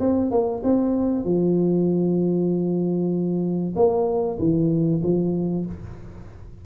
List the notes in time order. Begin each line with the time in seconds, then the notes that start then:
0.00 C4
0.31 A#3
0.64 C4
1.25 F3
3.76 A#3
4.39 E3
5.03 F3